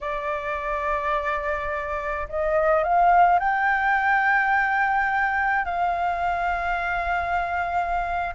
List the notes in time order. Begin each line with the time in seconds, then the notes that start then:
0.01 D5
2.28 D#5
2.83 F5
3.39 G5
5.65 F5